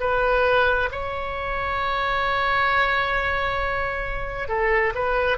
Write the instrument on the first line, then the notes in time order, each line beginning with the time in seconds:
oboe
0.00 B4
0.92 C#5
4.49 A4
4.95 B4